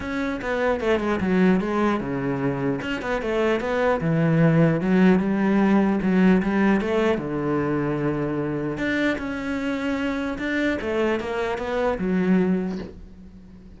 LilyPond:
\new Staff \with { instrumentName = "cello" } { \time 4/4 \tempo 4 = 150 cis'4 b4 a8 gis8 fis4 | gis4 cis2 cis'8 b8 | a4 b4 e2 | fis4 g2 fis4 |
g4 a4 d2~ | d2 d'4 cis'4~ | cis'2 d'4 a4 | ais4 b4 fis2 | }